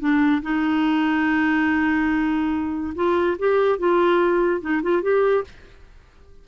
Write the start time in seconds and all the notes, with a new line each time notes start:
0.00 D4
0.42 D#4
2.95 F4
3.39 G4
3.79 F4
4.61 D#4
4.83 F4
5.02 G4